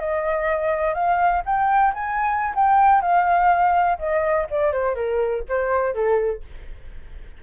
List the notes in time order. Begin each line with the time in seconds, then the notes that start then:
0.00 D#5
0.95 F5
1.46 G5
1.94 G#5
2.55 G5
3.02 F5
3.99 D#5
4.51 D5
4.73 C5
4.95 A#4
5.49 C5
5.94 A4